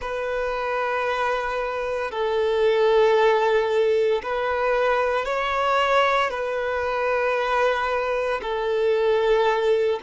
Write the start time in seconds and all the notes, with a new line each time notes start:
0.00 B4
2.11 A4
4.22 B4
5.25 C#5
6.30 B4
8.42 A4